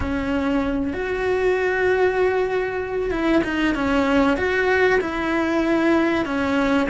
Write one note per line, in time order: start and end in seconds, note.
0.00 0.93 C#4
0.93 3.10 F#4
3.10 3.41 E4
3.44 3.74 D#4
3.74 4.37 C#4
4.37 4.99 F#4
5.01 6.25 E4
6.25 6.88 C#4